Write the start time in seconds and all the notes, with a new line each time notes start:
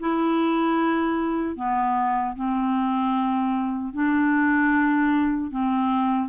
0.00 E4
1.56 B3
2.36 C4
3.93 D4
5.51 C4